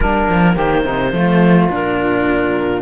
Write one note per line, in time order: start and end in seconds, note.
0.00 0.28 G3
0.00 1.13 A#3
0.00 0.54 D4
0.00 0.56 A#4
0.28 0.56 F3
0.54 0.84 D#3
0.54 0.82 G4
0.54 1.69 C5
0.83 1.12 C3
0.83 1.11 D#4
1.12 1.68 F3
1.12 1.69 A3
1.12 2.82 F4
1.69 2.82 A#2
1.69 2.82 D4
1.69 2.82 A#4